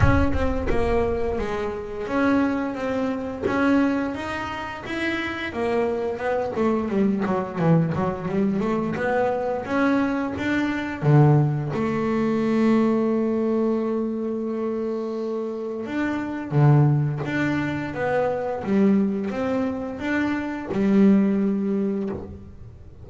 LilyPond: \new Staff \with { instrumentName = "double bass" } { \time 4/4 \tempo 4 = 87 cis'8 c'8 ais4 gis4 cis'4 | c'4 cis'4 dis'4 e'4 | ais4 b8 a8 g8 fis8 e8 fis8 | g8 a8 b4 cis'4 d'4 |
d4 a2.~ | a2. d'4 | d4 d'4 b4 g4 | c'4 d'4 g2 | }